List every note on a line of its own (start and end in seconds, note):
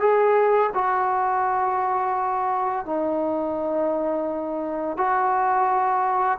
0.00 0.71 G#4
0.74 2.86 F#4
2.86 4.97 D#4
4.97 6.39 F#4